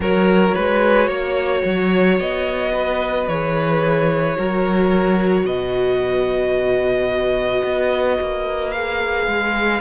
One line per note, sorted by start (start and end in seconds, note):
0.00 0.53 F#3
0.00 3.28 F#4
0.00 0.54 A#4
0.00 2.19 C#5
0.54 1.07 G#3
0.54 1.08 B4
1.07 1.62 A#3
1.07 2.71 C#5
1.65 2.19 F#3
2.19 3.27 B3
2.19 3.27 D#5
2.73 4.37 B4
3.27 4.36 E3
3.27 4.36 G#4
3.27 5.46 C#5
4.36 5.44 F#3
4.36 8.72 F#4
4.36 5.45 A#4
5.44 7.62 B2
5.44 9.80 B4
5.44 8.71 D#5
7.63 8.18 B3
8.20 9.27 A#3
8.71 9.80 G#4
8.71 9.80 F5
9.27 9.80 G#3